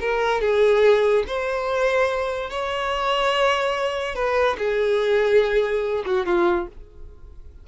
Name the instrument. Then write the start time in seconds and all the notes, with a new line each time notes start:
violin
0.00 A#4
0.41 G#4
1.27 C5
2.50 C#5
4.15 B4
4.58 G#4
6.06 F#4
6.26 F4